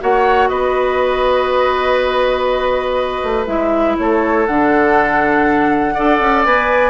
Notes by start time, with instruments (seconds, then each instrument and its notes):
0.00 bassoon A#3, clarinet F#4, oboe C#5, flute F#5
0.48 bassoon B3, oboe B4, flute D#5
3.23 bassoon A3
3.47 bassoon G#3, clarinet E4, flute E5
3.98 bassoon A3, oboe A4, flute C#5
4.47 bassoon D3, clarinet D4, flute F#5
5.94 bassoon D4, clarinet A4, oboe D5
6.20 bassoon C#4
6.44 bassoon B3, clarinet B4, flute G#5